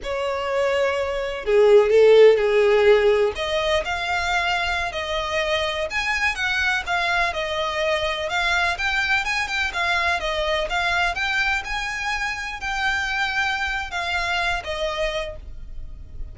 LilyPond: \new Staff \with { instrumentName = "violin" } { \time 4/4 \tempo 4 = 125 cis''2. gis'4 | a'4 gis'2 dis''4 | f''2~ f''16 dis''4.~ dis''16~ | dis''16 gis''4 fis''4 f''4 dis''8.~ |
dis''4~ dis''16 f''4 g''4 gis''8 g''16~ | g''16 f''4 dis''4 f''4 g''8.~ | g''16 gis''2 g''4.~ g''16~ | g''4 f''4. dis''4. | }